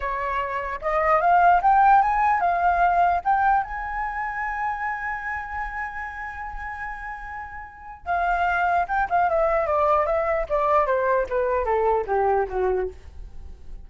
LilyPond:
\new Staff \with { instrumentName = "flute" } { \time 4/4 \tempo 4 = 149 cis''2 dis''4 f''4 | g''4 gis''4 f''2 | g''4 gis''2.~ | gis''1~ |
gis''1 | f''2 g''8 f''8 e''4 | d''4 e''4 d''4 c''4 | b'4 a'4 g'4 fis'4 | }